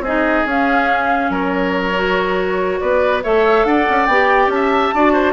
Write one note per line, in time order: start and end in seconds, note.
0.00 0.43 C4
0.00 1.31 G#4
0.00 0.47 D#5
0.07 0.47 D#4
0.45 1.29 C#4
0.45 1.95 C#4
0.45 1.33 F5
1.29 2.78 F#3
1.29 2.80 A#4
1.29 2.79 C#5
1.95 3.22 F#4
2.79 3.24 B3
2.79 3.23 B4
2.79 3.22 D5
3.23 3.64 A3
3.23 4.08 A4
3.23 3.66 C#5
3.23 3.65 E5
3.64 3.86 D4
3.64 4.52 D5
3.64 4.06 F#5
3.89 4.07 C#4
4.06 4.47 B3
4.06 4.95 G4
4.06 4.49 G5
4.47 4.89 C#4
4.47 5.33 A5
4.54 4.94 E5
4.94 5.33 D4
4.94 5.33 F#4
4.94 5.13 D5
5.13 5.33 C5